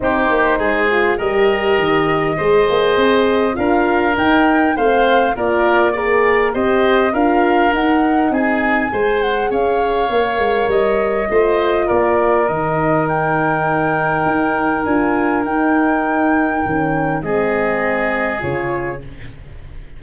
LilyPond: <<
  \new Staff \with { instrumentName = "flute" } { \time 4/4 \tempo 4 = 101 c''2 dis''2~ | dis''2 f''4 g''4 | f''4 d''4 ais'4 dis''4 | f''4 fis''4 gis''4. fis''8 |
f''2 dis''2 | d''4 dis''4 g''2~ | g''4 gis''4 g''2~ | g''4 dis''2 cis''4 | }
  \new Staff \with { instrumentName = "oboe" } { \time 4/4 g'4 gis'4 ais'2 | c''2 ais'2 | c''4 ais'4 d''4 c''4 | ais'2 gis'4 c''4 |
cis''2. c''4 | ais'1~ | ais'1~ | ais'4 gis'2. | }
  \new Staff \with { instrumentName = "horn" } { \time 4/4 dis'4. f'8 g'2 | gis'2 f'4 dis'4 | c'4 f'4 gis'4 g'4 | f'4 dis'2 gis'4~ |
gis'4 ais'2 f'4~ | f'4 dis'2.~ | dis'4 f'4 dis'2 | cis'4 c'2 f'4 | }
  \new Staff \with { instrumentName = "tuba" } { \time 4/4 c'8 ais8 gis4 g4 dis4 | gis8 ais8 c'4 d'4 dis'4 | a4 ais2 c'4 | d'4 dis'4 c'4 gis4 |
cis'4 ais8 gis8 g4 a4 | ais4 dis2. | dis'4 d'4 dis'2 | dis4 gis2 cis4 | }
>>